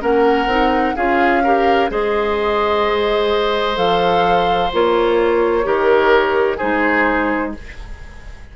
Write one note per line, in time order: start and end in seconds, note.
0.00 0.46 A#3
0.00 0.47 C#4
0.00 0.95 A#4
0.00 0.96 F#5
0.46 0.93 C4
0.46 0.95 D#4
0.96 1.90 C#4
0.96 1.43 F4
0.96 1.42 G#4
0.96 1.90 F5
1.43 1.89 G4
1.43 1.90 A#4
1.89 3.76 G#3
1.89 3.75 G#4
1.89 5.66 C5
1.89 3.77 D#5
3.75 4.70 F3
3.75 4.69 A4
3.75 4.71 F5
4.73 5.65 A#3
4.73 5.63 F4
4.73 6.58 C#5
5.63 6.59 D#3
5.63 6.57 G4
5.63 6.57 A#4
6.57 7.56 G#3
6.57 7.54 D#4
6.57 7.51 G#4
6.57 7.52 C5